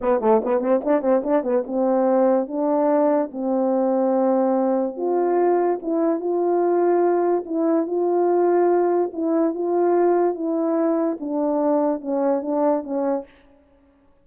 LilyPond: \new Staff \with { instrumentName = "horn" } { \time 4/4 \tempo 4 = 145 b8 a8 b8 c'8 d'8 c'8 d'8 b8 | c'2 d'2 | c'1 | f'2 e'4 f'4~ |
f'2 e'4 f'4~ | f'2 e'4 f'4~ | f'4 e'2 d'4~ | d'4 cis'4 d'4 cis'4 | }